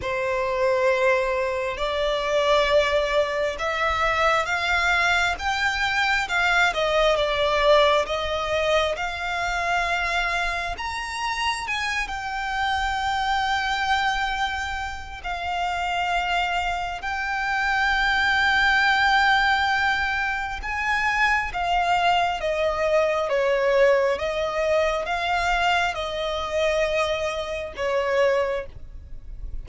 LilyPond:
\new Staff \with { instrumentName = "violin" } { \time 4/4 \tempo 4 = 67 c''2 d''2 | e''4 f''4 g''4 f''8 dis''8 | d''4 dis''4 f''2 | ais''4 gis''8 g''2~ g''8~ |
g''4 f''2 g''4~ | g''2. gis''4 | f''4 dis''4 cis''4 dis''4 | f''4 dis''2 cis''4 | }